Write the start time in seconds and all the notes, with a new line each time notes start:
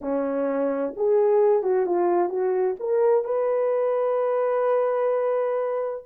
0.01 C#4
0.96 G#4
1.63 F#4
1.85 F4
2.29 F#4
2.79 A#4
3.24 B4